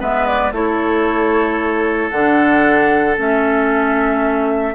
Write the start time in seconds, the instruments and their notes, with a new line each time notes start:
0.00 bassoon G#3, clarinet B3, oboe B4, flute E5
0.27 flute D5
0.52 bassoon A3, clarinet E4, oboe A4, flute C#5
2.10 bassoon D3, clarinet D4, flute F#5
3.17 bassoon A3, clarinet C#4, flute E5